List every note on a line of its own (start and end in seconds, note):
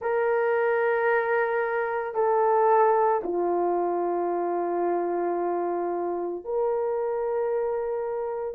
0.01 2.14 A#4
2.14 3.21 A4
3.23 6.44 F4
6.44 8.54 A#4